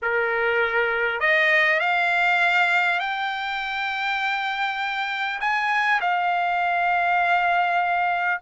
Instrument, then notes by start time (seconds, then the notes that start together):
trumpet
0.01 A#4
1.20 D#5
1.79 F5
2.99 G5
5.40 G#5
6.01 F5